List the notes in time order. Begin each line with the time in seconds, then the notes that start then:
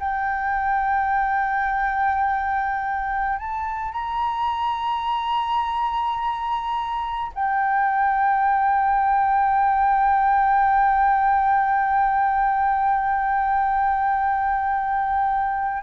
0.00 G5
3.39 A5
3.92 A#5
7.35 G5